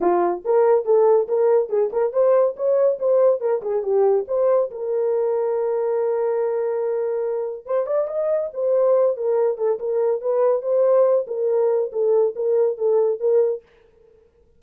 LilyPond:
\new Staff \with { instrumentName = "horn" } { \time 4/4 \tempo 4 = 141 f'4 ais'4 a'4 ais'4 | gis'8 ais'8 c''4 cis''4 c''4 | ais'8 gis'8 g'4 c''4 ais'4~ | ais'1~ |
ais'2 c''8 d''8 dis''4 | c''4. ais'4 a'8 ais'4 | b'4 c''4. ais'4. | a'4 ais'4 a'4 ais'4 | }